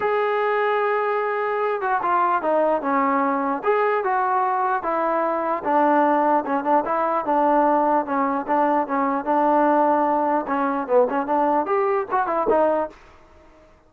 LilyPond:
\new Staff \with { instrumentName = "trombone" } { \time 4/4 \tempo 4 = 149 gis'1~ | gis'8 fis'8 f'4 dis'4 cis'4~ | cis'4 gis'4 fis'2 | e'2 d'2 |
cis'8 d'8 e'4 d'2 | cis'4 d'4 cis'4 d'4~ | d'2 cis'4 b8 cis'8 | d'4 g'4 fis'8 e'8 dis'4 | }